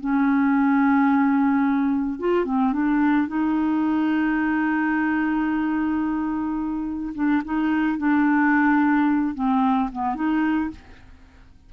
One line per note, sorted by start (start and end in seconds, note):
0.00 2.19 C#4
2.19 2.45 F4
2.45 2.72 C4
2.72 3.28 D4
3.28 7.13 D#4
7.15 7.42 D4
7.45 7.98 D#4
7.98 9.35 D4
9.35 9.90 C4
9.92 10.15 B3
10.15 10.70 D#4